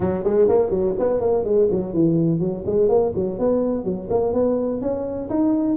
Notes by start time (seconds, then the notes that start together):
0.00 F#3
0.24 G#3
0.48 A#3
0.69 F#3
0.98 B3
1.20 A#3
1.44 G#3
1.71 F#3
1.93 E3
2.39 F#3
2.66 G#3
2.88 A#3
3.15 F#3
3.38 B3
3.84 F#3
4.10 A#3
4.33 B3
4.81 C#4
5.29 D#4